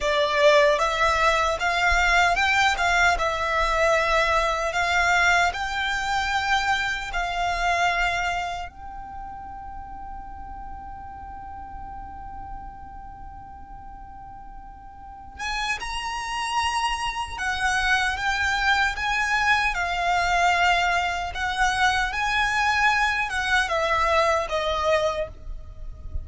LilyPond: \new Staff \with { instrumentName = "violin" } { \time 4/4 \tempo 4 = 76 d''4 e''4 f''4 g''8 f''8 | e''2 f''4 g''4~ | g''4 f''2 g''4~ | g''1~ |
g''2.~ g''8 gis''8 | ais''2 fis''4 g''4 | gis''4 f''2 fis''4 | gis''4. fis''8 e''4 dis''4 | }